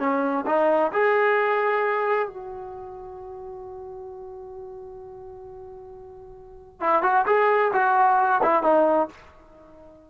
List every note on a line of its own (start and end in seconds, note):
0.00 0.45 C#4
0.47 0.92 D#4
0.93 2.28 G#4
2.28 6.81 F#4
6.81 7.03 E4
7.03 7.26 F#4
7.27 7.72 G#4
7.74 8.42 F#4
8.43 8.63 E4
8.63 9.09 D#4